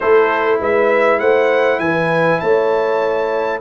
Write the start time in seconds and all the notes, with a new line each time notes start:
0.00 A3 E4 A4 C5
0.60 G#3 B4 E5
1.19 A3 C5 F#5
1.79 E3 B4 G#5
2.39 A3 C#5 A5